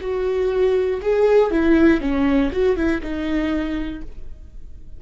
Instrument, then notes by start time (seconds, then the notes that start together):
viola
0.00 F#4
1.01 G#4
1.50 E4
2.00 C#4
2.51 F#4
2.76 E4
3.01 D#4